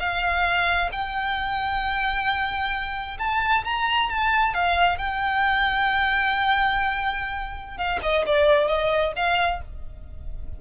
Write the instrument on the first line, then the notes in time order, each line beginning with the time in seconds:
violin
0.00 F5
0.92 G5
3.19 A5
3.65 A#5
4.10 A5
4.54 F5
4.98 G5
7.78 F5
8.03 D#5
8.27 D5
8.68 D#5
9.16 F5